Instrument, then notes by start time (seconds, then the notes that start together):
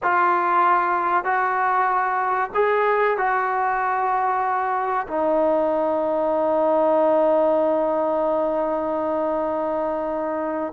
trombone
0.02 F4
1.24 F#4
2.54 G#4
3.17 F#4
5.07 D#4